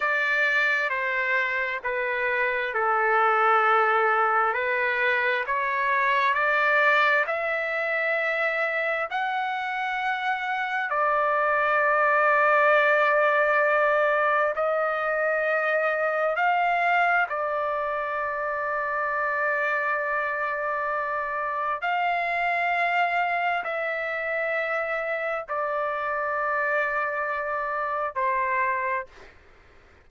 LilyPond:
\new Staff \with { instrumentName = "trumpet" } { \time 4/4 \tempo 4 = 66 d''4 c''4 b'4 a'4~ | a'4 b'4 cis''4 d''4 | e''2 fis''2 | d''1 |
dis''2 f''4 d''4~ | d''1 | f''2 e''2 | d''2. c''4 | }